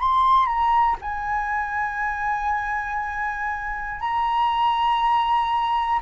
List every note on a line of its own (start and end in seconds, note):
0.00 0.46 C6
0.46 0.96 A#5
1.02 4.00 G#5
4.00 6.00 A#5